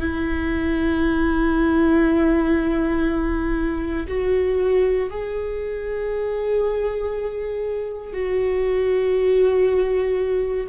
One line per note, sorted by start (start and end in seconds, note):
0.00 4.07 E4
4.08 5.09 F#4
5.10 8.13 G#4
8.13 10.67 F#4